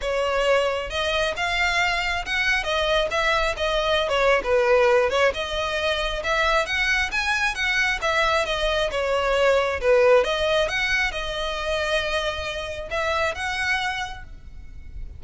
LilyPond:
\new Staff \with { instrumentName = "violin" } { \time 4/4 \tempo 4 = 135 cis''2 dis''4 f''4~ | f''4 fis''4 dis''4 e''4 | dis''4~ dis''16 cis''8. b'4. cis''8 | dis''2 e''4 fis''4 |
gis''4 fis''4 e''4 dis''4 | cis''2 b'4 dis''4 | fis''4 dis''2.~ | dis''4 e''4 fis''2 | }